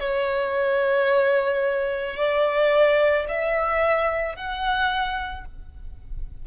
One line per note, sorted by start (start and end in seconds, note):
0.00 2.17 C#5
2.17 3.26 D5
3.29 4.36 E5
4.36 5.45 F#5